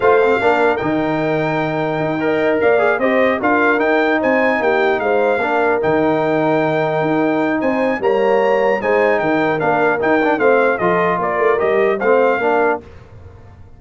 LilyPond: <<
  \new Staff \with { instrumentName = "trumpet" } { \time 4/4 \tempo 4 = 150 f''2 g''2~ | g''2~ g''8 f''4 dis''8~ | dis''8 f''4 g''4 gis''4 g''8~ | g''8 f''2 g''4.~ |
g''2. gis''4 | ais''2 gis''4 g''4 | f''4 g''4 f''4 dis''4 | d''4 dis''4 f''2 | }
  \new Staff \with { instrumentName = "horn" } { \time 4/4 c''4 ais'2.~ | ais'4. dis''4 d''4 c''8~ | c''8 ais'2 c''4 g'8~ | g'8 c''4 ais'2~ ais'8~ |
ais'2. c''4 | cis''2 c''4 ais'4~ | ais'2 c''4 a'4 | ais'2 c''4 ais'4 | }
  \new Staff \with { instrumentName = "trombone" } { \time 4/4 f'8 c'8 d'4 dis'2~ | dis'4. ais'4. gis'8 g'8~ | g'8 f'4 dis'2~ dis'8~ | dis'4. d'4 dis'4.~ |
dis'1 | ais2 dis'2 | d'4 dis'8 d'8 c'4 f'4~ | f'4 g'4 c'4 d'4 | }
  \new Staff \with { instrumentName = "tuba" } { \time 4/4 a4 ais4 dis2~ | dis4 dis'4. ais4 c'8~ | c'8 d'4 dis'4 c'4 ais8~ | ais8 gis4 ais4 dis4.~ |
dis4. dis'4. c'4 | g2 gis4 dis4 | ais4 dis'4 a4 f4 | ais8 a8 g4 a4 ais4 | }
>>